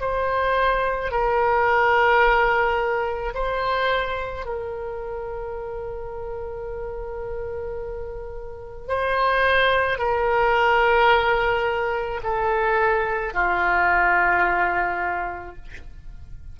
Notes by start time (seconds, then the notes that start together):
0.00 C5
1.11 A#4
3.34 C5
4.45 A#4
8.87 C5
9.98 A#4
12.23 A4
13.33 F4